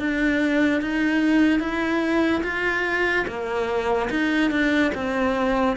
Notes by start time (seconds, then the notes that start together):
0.00 D4
0.82 D#4
1.60 E4
2.44 F4
3.28 A#3
4.11 D#4
4.51 D4
4.95 C4